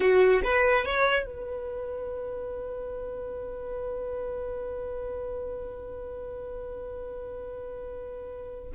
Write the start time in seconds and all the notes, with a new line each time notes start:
0.00 F#4
0.44 B4
0.85 C#5
1.25 B4